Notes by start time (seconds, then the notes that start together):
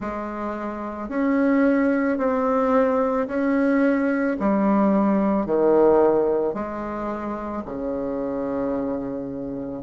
0.00 G#3
1.09 C#4
2.18 C4
3.27 C#4
4.39 G3
5.45 D#3
6.54 G#3
7.65 C#3